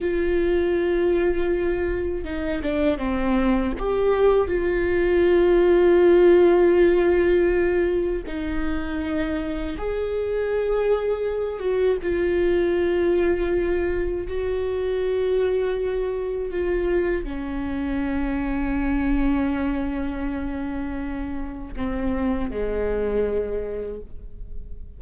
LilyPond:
\new Staff \with { instrumentName = "viola" } { \time 4/4 \tempo 4 = 80 f'2. dis'8 d'8 | c'4 g'4 f'2~ | f'2. dis'4~ | dis'4 gis'2~ gis'8 fis'8 |
f'2. fis'4~ | fis'2 f'4 cis'4~ | cis'1~ | cis'4 c'4 gis2 | }